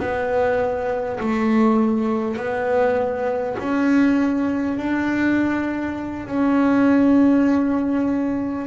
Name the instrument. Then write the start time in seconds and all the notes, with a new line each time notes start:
double bass
0.00 B3
1.20 A3
2.37 B3
3.59 C#4
4.78 D4
6.28 C#4